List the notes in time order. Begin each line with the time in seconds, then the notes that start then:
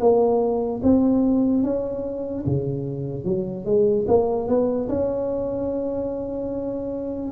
0.00 A#3
0.83 C4
1.64 C#4
2.46 C#3
3.25 F#3
3.65 G#3
4.08 A#3
4.48 B3
4.89 C#4